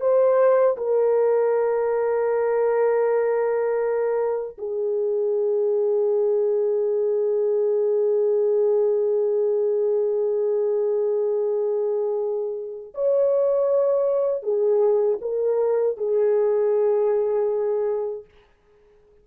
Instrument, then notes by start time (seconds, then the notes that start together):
horn
0.00 C5
0.77 A#4
4.58 G#4
12.94 C#5
14.43 G#4
15.21 A#4
15.97 G#4